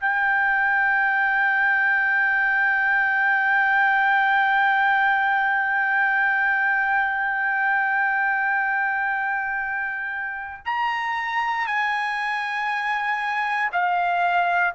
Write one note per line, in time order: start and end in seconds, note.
0.00 10.65 G5
10.65 11.66 A#5
11.66 13.70 G#5
13.72 14.74 F5